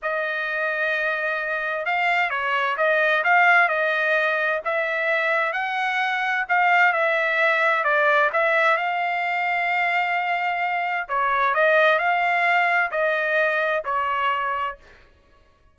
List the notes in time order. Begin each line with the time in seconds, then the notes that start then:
0.02 D#5
1.85 F5
2.30 C#5
2.77 D#5
3.24 F5
3.68 D#5
4.64 E5
5.53 F#5
6.48 F5
6.93 E5
7.83 D5
8.32 E5
8.77 F5
11.08 C#5
11.54 D#5
11.98 F5
12.91 D#5
13.85 C#5